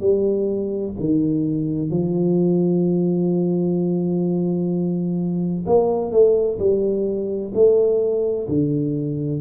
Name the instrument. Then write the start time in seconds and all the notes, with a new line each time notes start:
tuba
0.00 G3
0.99 D#3
1.90 F3
5.66 A#3
6.11 A3
6.59 G3
7.54 A3
8.48 D3